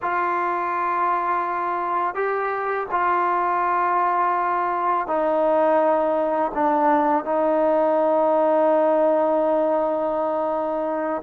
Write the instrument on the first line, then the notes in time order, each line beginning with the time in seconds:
trombone
0.02 F4
2.14 G4
2.91 F4
5.07 D#4
6.54 D4
7.24 D#4